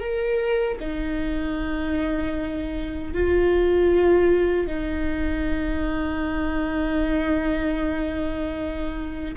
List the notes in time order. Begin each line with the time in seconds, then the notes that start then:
0.00 A#4
0.80 D#4
3.13 F4
4.67 D#4